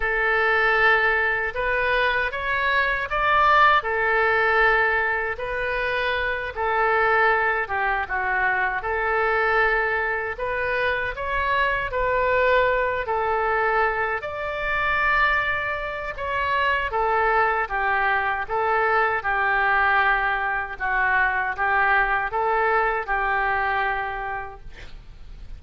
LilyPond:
\new Staff \with { instrumentName = "oboe" } { \time 4/4 \tempo 4 = 78 a'2 b'4 cis''4 | d''4 a'2 b'4~ | b'8 a'4. g'8 fis'4 a'8~ | a'4. b'4 cis''4 b'8~ |
b'4 a'4. d''4.~ | d''4 cis''4 a'4 g'4 | a'4 g'2 fis'4 | g'4 a'4 g'2 | }